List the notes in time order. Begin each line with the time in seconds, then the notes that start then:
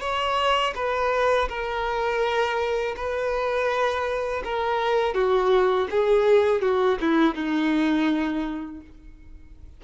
0.00 C#5
0.75 B4
1.49 A#4
2.96 B4
4.44 A#4
5.14 F#4
5.90 G#4
6.62 F#4
7.01 E4
7.34 D#4